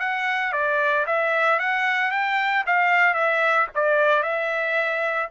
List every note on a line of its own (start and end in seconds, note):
0.00 0.53 F#5
0.53 1.06 D5
1.07 1.60 E5
1.60 2.12 F#5
2.12 2.65 G5
2.67 3.14 F5
3.14 3.68 E5
3.75 4.23 D5
4.23 5.29 E5